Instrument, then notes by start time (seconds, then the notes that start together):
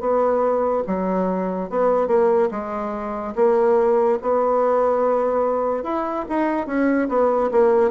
bassoon
0.00 B3
0.87 F#3
1.69 B3
2.07 A#3
2.51 G#3
3.35 A#3
4.22 B3
5.83 E4
6.28 D#4
6.66 C#4
7.08 B3
7.51 A#3